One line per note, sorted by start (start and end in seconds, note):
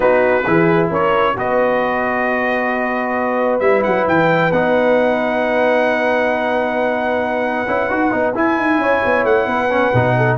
0.00 0.45 B3
0.00 0.42 D#4
0.00 0.45 F#4
0.00 0.88 B4
0.46 0.90 E3
0.46 1.36 E4
0.46 0.90 G#4
0.90 1.35 C#4
0.90 1.35 A#4
0.90 1.38 C#5
1.36 3.60 B3
1.36 3.61 F#4
1.36 8.80 B4
1.36 3.59 D#5
3.59 3.83 G3
3.59 4.51 E4
3.59 3.82 E5
3.83 4.07 F#3
3.83 4.05 F#5
4.07 4.51 E3
4.07 4.52 G5
4.51 7.67 B3
4.51 7.67 D#4
4.51 8.35 F#5
7.67 7.89 C#4
7.67 7.89 E4
7.89 8.11 D#4
7.89 8.11 F#4
8.11 8.34 B3
8.11 8.33 D#4
8.34 8.57 E4
8.34 9.69 E4
8.34 9.25 G#5
8.57 8.77 D#4
8.77 9.00 C#4
8.77 9.48 C#5
9.05 9.24 B3
9.24 9.46 A3
9.24 10.38 F#5
9.46 9.91 B3
9.46 10.15 B4
9.69 9.92 C#4
9.93 10.38 B2
9.93 10.38 D#4
10.16 10.38 A4